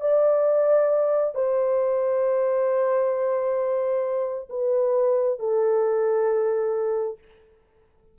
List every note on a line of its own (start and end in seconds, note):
0.00 1.34 D5
1.35 4.48 C5
4.49 5.39 B4
5.39 7.18 A4